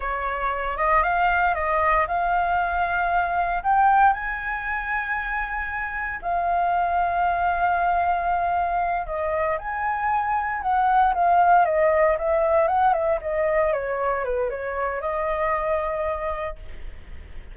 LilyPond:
\new Staff \with { instrumentName = "flute" } { \time 4/4 \tempo 4 = 116 cis''4. dis''8 f''4 dis''4 | f''2. g''4 | gis''1 | f''1~ |
f''4. dis''4 gis''4.~ | gis''8 fis''4 f''4 dis''4 e''8~ | e''8 fis''8 e''8 dis''4 cis''4 b'8 | cis''4 dis''2. | }